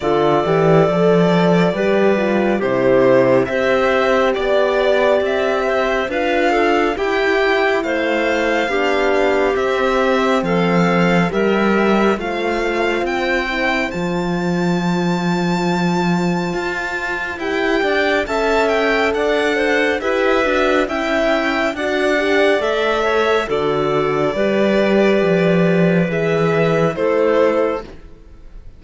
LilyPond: <<
  \new Staff \with { instrumentName = "violin" } { \time 4/4 \tempo 4 = 69 d''2. c''4 | e''4 d''4 e''4 f''4 | g''4 f''2 e''4 | f''4 e''4 f''4 g''4 |
a''1 | g''4 a''8 g''8 fis''4 e''4 | g''4 fis''4 e''4 d''4~ | d''2 e''4 c''4 | }
  \new Staff \with { instrumentName = "clarinet" } { \time 4/4 a'2 b'4 g'4 | c''4 d''4. c''8 b'8 a'8 | g'4 c''4 g'2 | a'4 ais'4 c''2~ |
c''1~ | c''8 d''8 e''4 d''8 c''8 b'4 | e''4 d''4. cis''8 a'4 | b'2. a'4 | }
  \new Staff \with { instrumentName = "horn" } { \time 4/4 f'8 g'8 a'4 g'8 f'8 e'4 | g'2. f'4 | e'2 d'4 c'4~ | c'4 g'4 f'4. e'8 |
f'1 | g'4 a'2 g'8 fis'8 | e'4 fis'8 g'8 a'4 fis'4 | g'2 gis'4 e'4 | }
  \new Staff \with { instrumentName = "cello" } { \time 4/4 d8 e8 f4 g4 c4 | c'4 b4 c'4 d'4 | e'4 a4 b4 c'4 | f4 g4 a4 c'4 |
f2. f'4 | e'8 d'8 cis'4 d'4 e'8 d'8 | cis'4 d'4 a4 d4 | g4 f4 e4 a4 | }
>>